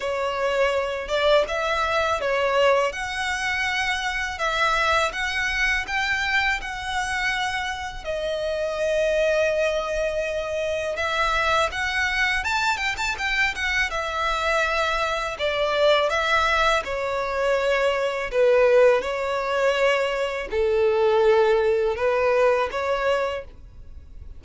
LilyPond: \new Staff \with { instrumentName = "violin" } { \time 4/4 \tempo 4 = 82 cis''4. d''8 e''4 cis''4 | fis''2 e''4 fis''4 | g''4 fis''2 dis''4~ | dis''2. e''4 |
fis''4 a''8 g''16 a''16 g''8 fis''8 e''4~ | e''4 d''4 e''4 cis''4~ | cis''4 b'4 cis''2 | a'2 b'4 cis''4 | }